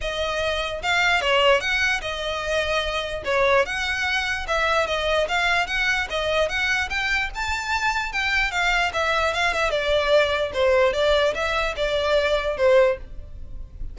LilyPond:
\new Staff \with { instrumentName = "violin" } { \time 4/4 \tempo 4 = 148 dis''2 f''4 cis''4 | fis''4 dis''2. | cis''4 fis''2 e''4 | dis''4 f''4 fis''4 dis''4 |
fis''4 g''4 a''2 | g''4 f''4 e''4 f''8 e''8 | d''2 c''4 d''4 | e''4 d''2 c''4 | }